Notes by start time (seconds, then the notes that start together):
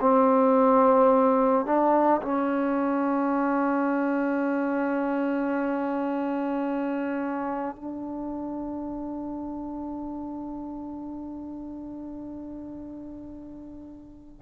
0.00 C4
1.65 D4
2.22 C#4
7.75 D4